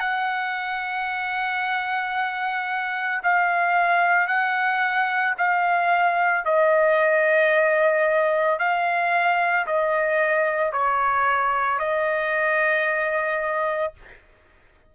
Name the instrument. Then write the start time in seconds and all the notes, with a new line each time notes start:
trumpet
0.00 F#5
3.23 F5
4.28 F#5
5.38 F5
6.45 D#5
8.59 F5
9.67 D#5
10.72 C#5
11.80 D#5